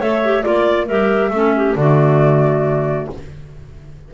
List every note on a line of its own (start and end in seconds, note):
0.00 0.45 A3
0.00 0.23 A4
0.00 0.44 C#5
0.00 0.43 E5
0.24 0.43 G4
0.43 0.90 A#3
0.43 0.87 F4
0.43 0.87 D5
0.43 0.86 D5
0.86 1.31 G3
0.86 1.33 G4
0.86 1.30 A#4
0.86 1.76 E5
1.31 1.75 A3
1.31 1.77 C#4
1.31 1.55 A4
1.57 1.78 G4
1.76 3.08 D3
1.76 3.11 F#4
1.76 3.09 D5
1.82 3.14 A3